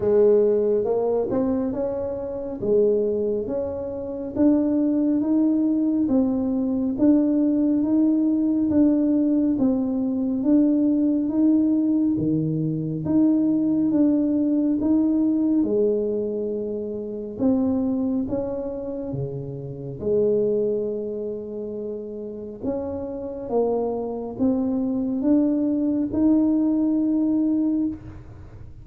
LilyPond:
\new Staff \with { instrumentName = "tuba" } { \time 4/4 \tempo 4 = 69 gis4 ais8 c'8 cis'4 gis4 | cis'4 d'4 dis'4 c'4 | d'4 dis'4 d'4 c'4 | d'4 dis'4 dis4 dis'4 |
d'4 dis'4 gis2 | c'4 cis'4 cis4 gis4~ | gis2 cis'4 ais4 | c'4 d'4 dis'2 | }